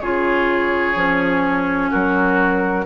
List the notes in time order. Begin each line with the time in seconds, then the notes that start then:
0.00 C#3 F4 G#4 C#5
0.94 F3 C#4
1.90 F#3 F#4 A#4